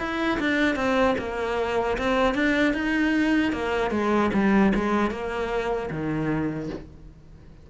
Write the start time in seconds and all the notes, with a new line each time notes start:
0.00 E4
0.40 D4
0.76 C4
1.19 A#3
1.98 C4
2.35 D4
2.74 D#4
3.53 A#3
3.92 G#3
4.34 G3
4.75 G#3
5.11 A#3
5.91 D#3